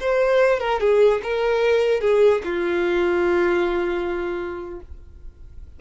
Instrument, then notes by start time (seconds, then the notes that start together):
violin
0.00 C5
0.60 A#4
0.80 G#4
1.23 A#4
2.00 G#4
2.44 F4